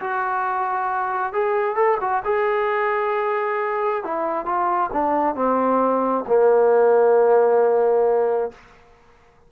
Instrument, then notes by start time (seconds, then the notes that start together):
trombone
0.00 F#4
1.33 G#4
1.75 A4
2.00 F#4
2.24 G#4
4.04 E4
4.45 F4
4.92 D4
5.35 C4
6.27 A#3